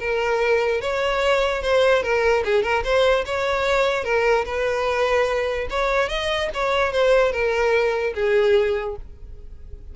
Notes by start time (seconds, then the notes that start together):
0.00 A#4
0.82 C#5
1.63 C5
2.03 A#4
2.45 G#4
2.63 A#4
2.85 C5
3.26 C#5
4.05 A#4
4.46 B4
5.71 C#5
6.09 D#5
6.54 C#5
6.93 C5
7.32 A#4
8.15 G#4